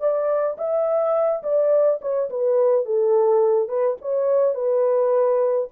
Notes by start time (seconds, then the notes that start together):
0.00 D5
0.58 E5
1.43 D5
2.01 C#5
2.30 B4
2.85 A4
3.68 B4
4.01 C#5
4.55 B4